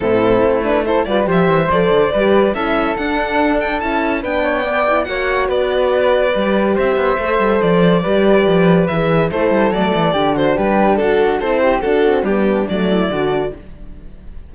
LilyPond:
<<
  \new Staff \with { instrumentName = "violin" } { \time 4/4 \tempo 4 = 142 a'4. b'8 c''8 d''8 e''4 | d''2 e''4 fis''4~ | fis''8 g''8 a''4 g''2 | fis''4 d''2. |
e''2 d''2~ | d''4 e''4 c''4 d''4~ | d''8 c''8 b'4 a'4 c''4 | a'4 g'4 d''2 | }
  \new Staff \with { instrumentName = "flute" } { \time 4/4 e'2 a'8 b'8 c''4~ | c''4 b'4 a'2~ | a'2 b'8 cis''8 d''4 | cis''4 b'2. |
c''2. b'4~ | b'2 a'2 | g'8 fis'8 g'4 fis'4 a'8 g'8 | fis'4 d'4. e'8 fis'4 | }
  \new Staff \with { instrumentName = "horn" } { \time 4/4 c'4. d'8 e'8 f'8 g'4 | a'4 g'4 e'4 d'4~ | d'4 e'4 d'4 b8 e'8 | fis'2. g'4~ |
g'4 a'2 g'4~ | g'4 gis'4 e'4 a4 | d'2. e'4 | d'8 c'8 b4 a4 d'4 | }
  \new Staff \with { instrumentName = "cello" } { \time 4/4 a,4 a4. g8 f8 e8 | f8 d8 g4 cis'4 d'4~ | d'4 cis'4 b2 | ais4 b2 g4 |
c'8 b8 a8 g8 f4 g4 | f4 e4 a8 g8 fis8 e8 | d4 g4 d'4 c'4 | d'4 g4 fis4 d4 | }
>>